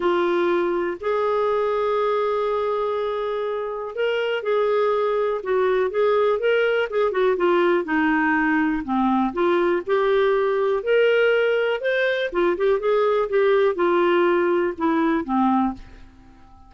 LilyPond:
\new Staff \with { instrumentName = "clarinet" } { \time 4/4 \tempo 4 = 122 f'2 gis'2~ | gis'1 | ais'4 gis'2 fis'4 | gis'4 ais'4 gis'8 fis'8 f'4 |
dis'2 c'4 f'4 | g'2 ais'2 | c''4 f'8 g'8 gis'4 g'4 | f'2 e'4 c'4 | }